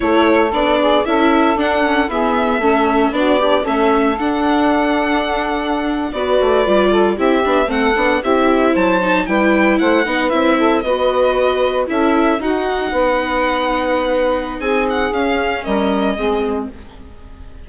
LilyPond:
<<
  \new Staff \with { instrumentName = "violin" } { \time 4/4 \tempo 4 = 115 cis''4 d''4 e''4 fis''4 | e''2 d''4 e''4 | fis''2.~ fis''8. d''16~ | d''4.~ d''16 e''4 fis''4 e''16~ |
e''8. a''4 g''4 fis''4 e''16~ | e''8. dis''2 e''4 fis''16~ | fis''1 | gis''8 fis''8 f''4 dis''2 | }
  \new Staff \with { instrumentName = "saxophone" } { \time 4/4 a'4. gis'8 a'2 | gis'4 a'4 fis'8 d'8 a'4~ | a'2.~ a'8. b'16~ | b'4~ b'16 a'8 g'4 a'4 g'16~ |
g'8. c''4 b'4 c''8 b'8.~ | b'16 a'8 b'2 a'4 fis'16~ | fis'8. b'2.~ b'16 | gis'2 ais'4 gis'4 | }
  \new Staff \with { instrumentName = "viola" } { \time 4/4 e'4 d'4 e'4 d'8 cis'8 | b4 cis'4 d'8 g'8 cis'4 | d'2.~ d'8. fis'16~ | fis'8. f'4 e'8 d'8 c'8 d'8 e'16~ |
e'4~ e'16 dis'8 e'4. dis'8 e'16~ | e'8. fis'2 e'4 dis'16~ | dis'1~ | dis'4 cis'2 c'4 | }
  \new Staff \with { instrumentName = "bassoon" } { \time 4/4 a4 b4 cis'4 d'4 | e'4 a4 b4 a4 | d'2.~ d'8. b16~ | b16 a8 g4 c'8 b8 a8 b8 c'16~ |
c'8. fis4 g4 a8 b8 c'16~ | c'8. b2 cis'4 dis'16~ | dis'8. b2.~ b16 | c'4 cis'4 g4 gis4 | }
>>